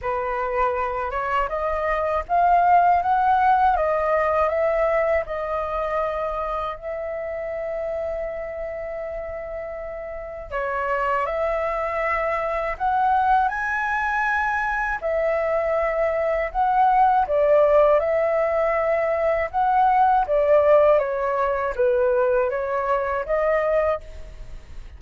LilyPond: \new Staff \with { instrumentName = "flute" } { \time 4/4 \tempo 4 = 80 b'4. cis''8 dis''4 f''4 | fis''4 dis''4 e''4 dis''4~ | dis''4 e''2.~ | e''2 cis''4 e''4~ |
e''4 fis''4 gis''2 | e''2 fis''4 d''4 | e''2 fis''4 d''4 | cis''4 b'4 cis''4 dis''4 | }